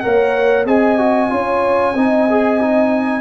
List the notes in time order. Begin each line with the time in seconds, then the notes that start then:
0.00 A#3 A#4 C#5 F#5
0.66 C4 G#4 D#5 G#5
0.98 F#4
1.30 C#4 F4 C#5
1.94 C4 D#4 D#5
2.30 G#4
2.61 D#4